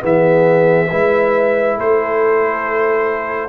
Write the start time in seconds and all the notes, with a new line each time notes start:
0.00 E3 B3 G#4 E5
0.89 G#3 E4 B4
1.77 A3 A4 C5